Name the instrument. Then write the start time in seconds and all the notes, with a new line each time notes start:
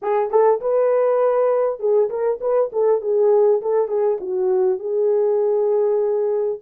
horn
0.02 G#4
0.30 A4
0.60 B4
1.79 G#4
2.09 A#4
2.40 B4
2.72 A4
3.01 G#4
3.61 A4
3.88 G#4
4.20 F#4
4.79 G#4